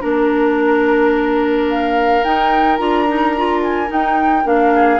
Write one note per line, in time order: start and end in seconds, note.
0.00 2.24 A#3
0.00 2.22 D4
0.00 1.68 A#4
0.00 4.75 A#4
1.70 2.24 F5
2.24 2.79 D#4
2.24 2.80 D#4
2.24 2.77 G5
2.77 3.91 D4
2.77 3.06 F4
2.77 3.60 A#5
3.08 3.35 D#4
3.37 3.87 F4
3.63 3.91 G#5
3.87 4.43 D#4
3.87 4.45 D#4
3.87 4.47 G5
4.45 5.00 A#3
4.45 5.00 D4
4.45 5.00 F5
4.75 5.00 G#4